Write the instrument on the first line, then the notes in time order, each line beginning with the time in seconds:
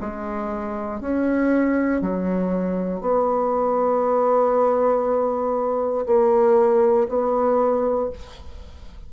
bassoon
0.00 G#3
1.00 C#4
2.01 F#3
3.00 B3
6.06 A#3
7.08 B3